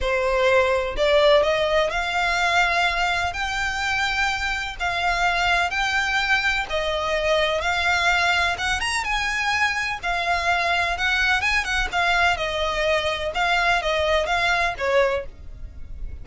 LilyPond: \new Staff \with { instrumentName = "violin" } { \time 4/4 \tempo 4 = 126 c''2 d''4 dis''4 | f''2. g''4~ | g''2 f''2 | g''2 dis''2 |
f''2 fis''8 ais''8 gis''4~ | gis''4 f''2 fis''4 | gis''8 fis''8 f''4 dis''2 | f''4 dis''4 f''4 cis''4 | }